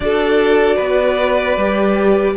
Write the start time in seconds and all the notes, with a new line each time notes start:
0.00 D4 F#4 A4 D5
0.76 B3 B4
1.57 G3 G4